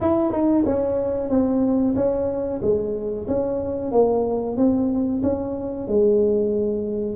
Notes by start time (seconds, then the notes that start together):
0.01 E4
0.32 D#4
0.65 C#4
1.29 C4
1.95 C#4
2.62 G#3
3.27 C#4
3.91 A#3
4.57 C4
5.22 C#4
5.87 G#3